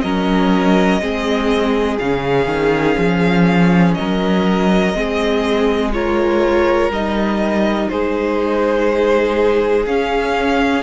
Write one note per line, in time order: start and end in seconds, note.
0.00 1.00 F#3
0.00 1.01 C#4
0.00 1.01 A#4
0.00 1.97 D#5
1.00 1.99 G#3
1.00 1.99 C4
1.00 3.97 G#4
1.99 2.46 C#3
1.99 4.94 C#4
1.99 3.94 F5
2.46 2.95 D#3
2.97 3.96 F3
3.94 4.97 A#4
3.94 5.90 D#5
4.00 4.93 F#3
4.93 6.89 G#3
4.93 5.92 C4
4.93 5.94 G#4
5.93 6.91 F4
5.93 7.91 A#4
5.93 6.91 C#5
6.89 7.87 G3
6.89 9.87 D#4
6.89 7.89 D#5
7.89 9.85 G#3
7.89 10.83 G#4
7.89 9.85 C5
9.85 10.83 C#4
9.85 10.83 F5